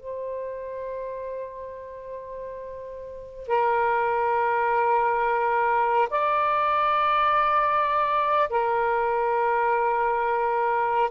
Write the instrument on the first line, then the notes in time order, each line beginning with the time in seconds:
saxophone
0.00 C5
3.48 A#4
6.10 D5
8.50 A#4